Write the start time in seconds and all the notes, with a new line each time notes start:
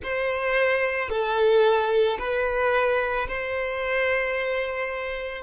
0.03 C5
1.09 A4
2.18 B4
3.27 C5